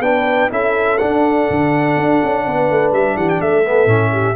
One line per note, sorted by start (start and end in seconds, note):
0.00 0.48 B3
0.00 0.50 D4
0.00 0.52 B4
0.00 0.51 G5
0.50 1.00 C#4
0.50 0.98 E4
0.50 2.45 A4
0.50 0.98 E5
0.98 3.65 D4
0.98 1.50 D4
0.98 2.92 F#5
1.50 1.97 D3
1.97 2.21 D4
2.24 2.47 C#4
2.47 2.70 B3
2.47 3.17 B4
2.70 2.92 A3
2.92 3.16 G3
2.92 3.17 E5
3.16 3.40 E3
3.16 3.41 G4
3.16 3.29 F#5
3.29 3.41 G5
3.41 3.86 A3
3.41 4.12 A4
3.41 4.36 E5
3.65 3.87 B3
3.86 4.34 A2
3.86 4.35 C#4
4.12 4.36 G4